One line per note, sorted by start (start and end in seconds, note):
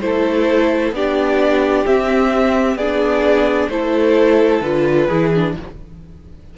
0.00 0.92 A3
0.00 0.93 E4
0.00 0.95 A4
0.00 0.92 C5
0.92 1.84 B3
0.92 1.85 D4
0.92 2.77 G4
0.92 1.86 D5
1.85 2.77 C4
1.85 2.75 C4
1.85 2.77 E5
2.75 3.67 B3
2.75 3.71 D4
2.75 3.69 G#4
2.75 3.69 D5
3.68 4.61 A3
3.68 4.63 E4
3.68 5.07 A4
3.68 4.62 C5
4.61 5.07 D3
4.61 5.10 F4
4.61 5.54 B4
5.07 5.56 E3
5.07 5.34 E4
5.07 5.53 G#4
5.34 5.57 D4